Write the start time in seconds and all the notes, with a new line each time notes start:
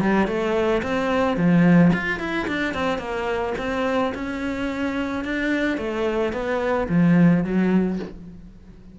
0.00 G3
0.27 A3
0.82 C4
1.36 F3
1.93 F4
2.20 E4
2.47 D4
2.74 C4
2.98 A#3
3.58 C4
4.14 C#4
5.24 D4
5.77 A3
6.33 B3
6.89 F3
7.44 F#3